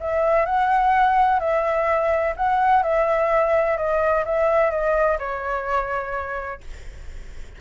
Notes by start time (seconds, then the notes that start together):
0.00 E5
0.45 F#5
1.39 E5
2.36 F#5
2.83 E5
3.77 D#5
4.25 E5
4.71 D#5
5.19 C#5